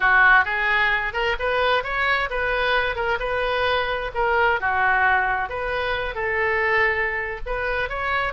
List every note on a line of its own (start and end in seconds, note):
0.00 0.44 F#4
0.44 1.13 G#4
1.13 1.36 A#4
1.39 1.83 B4
1.83 2.29 C#5
2.29 2.95 B4
2.95 3.18 A#4
3.19 4.11 B4
4.14 4.60 A#4
4.60 5.49 F#4
5.49 6.14 B4
6.14 7.40 A4
7.45 7.89 B4
7.89 8.33 C#5